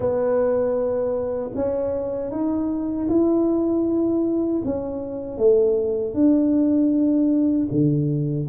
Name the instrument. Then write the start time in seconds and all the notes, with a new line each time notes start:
tuba
0.00 B3
1.55 C#4
2.31 D#4
3.08 E4
4.64 C#4
5.37 A3
6.14 D4
7.71 D3